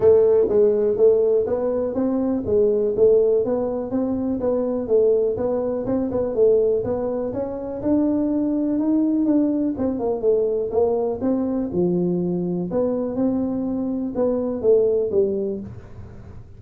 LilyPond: \new Staff \with { instrumentName = "tuba" } { \time 4/4 \tempo 4 = 123 a4 gis4 a4 b4 | c'4 gis4 a4 b4 | c'4 b4 a4 b4 | c'8 b8 a4 b4 cis'4 |
d'2 dis'4 d'4 | c'8 ais8 a4 ais4 c'4 | f2 b4 c'4~ | c'4 b4 a4 g4 | }